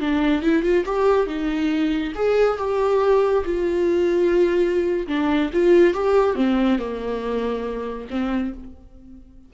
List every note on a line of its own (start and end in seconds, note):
0.00 0.42 D4
0.42 0.63 E4
0.63 0.84 F4
0.85 1.26 G4
1.26 2.13 D#4
2.15 2.58 G#4
2.58 3.44 G4
3.45 5.07 F4
5.07 5.50 D4
5.53 5.94 F4
5.94 6.35 G4
6.35 6.78 C4
6.78 8.08 A#3
8.10 8.53 C4